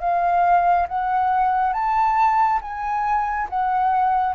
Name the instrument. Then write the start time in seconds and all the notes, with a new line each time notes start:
flute
0.00 F5
0.88 F#5
1.73 A5
2.61 G#5
3.49 F#5